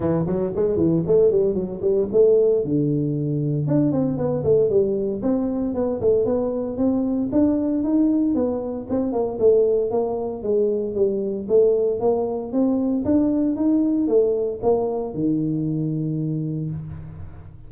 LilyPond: \new Staff \with { instrumentName = "tuba" } { \time 4/4 \tempo 4 = 115 e8 fis8 gis8 e8 a8 g8 fis8 g8 | a4 d2 d'8 c'8 | b8 a8 g4 c'4 b8 a8 | b4 c'4 d'4 dis'4 |
b4 c'8 ais8 a4 ais4 | gis4 g4 a4 ais4 | c'4 d'4 dis'4 a4 | ais4 dis2. | }